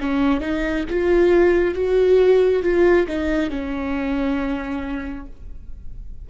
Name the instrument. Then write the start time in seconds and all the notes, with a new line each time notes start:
viola
0.00 C#4
0.40 D#4
0.89 F4
1.74 F#4
2.63 F4
3.07 D#4
3.50 C#4